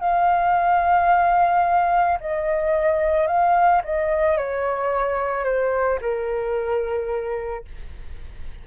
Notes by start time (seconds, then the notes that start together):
0.00 F5
2.20 D#5
3.27 F5
3.84 D#5
4.37 C#5
5.44 C5
6.01 A#4